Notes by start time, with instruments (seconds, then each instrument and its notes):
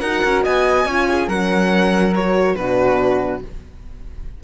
0.00 cello D#4, horn F#4, flute A#4, violin F#5
0.24 cello C#4
0.43 cello B3, flute D#5, violin G#5
0.85 cello C#4, horn F4, flute C#5
1.09 flute G#4
1.27 cello F#3, horn C#4, flute A#4, violin F#5
2.15 horn F#4, violin C#5
2.56 cello B2, horn D4, flute F#4, violin B4